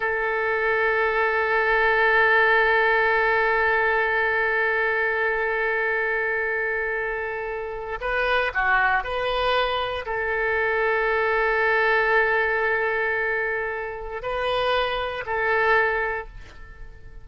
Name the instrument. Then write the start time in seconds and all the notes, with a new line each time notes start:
oboe
0.00 A4
8.00 B4
8.54 F#4
9.03 B4
10.05 A4
14.22 B4
15.25 A4